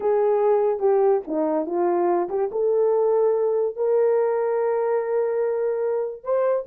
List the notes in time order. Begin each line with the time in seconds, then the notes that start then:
0.00 G#4
0.79 G4
1.27 D#4
1.66 F4
2.29 G4
2.51 A4
3.76 A#4
6.23 C5